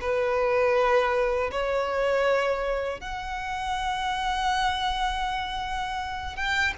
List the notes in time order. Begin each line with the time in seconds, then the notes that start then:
0.00 B4
1.51 C#5
3.00 F#5
6.36 G5